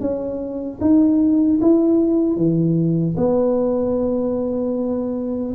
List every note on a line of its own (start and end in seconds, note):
0.00 0.79 C#4
0.81 1.60 D#4
1.61 2.36 E4
2.36 3.15 E3
3.17 5.53 B3